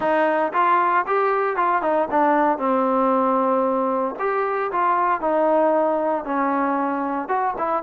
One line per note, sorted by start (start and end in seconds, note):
0.00 0.52 D#4
0.53 1.05 F4
1.06 1.56 G4
1.56 1.82 F4
1.82 2.08 D#4
2.10 2.58 D4
2.58 4.15 C4
4.19 4.71 G4
4.71 5.21 F4
5.21 6.25 D#4
6.25 7.28 C#4
7.28 7.54 F#4
7.58 7.83 E4